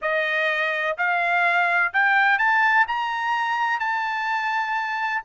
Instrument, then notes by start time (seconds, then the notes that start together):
trumpet
0.01 D#5
0.97 F5
1.93 G5
2.38 A5
2.87 A#5
3.79 A5